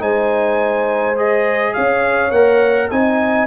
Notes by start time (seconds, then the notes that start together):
0.00 G#3 D#4 C5 G#5
1.16 G#4 D#5
1.74 C#4 C#5 F5
2.31 A#3 A#4 F#5
2.91 C4 D#4 D#5 G#5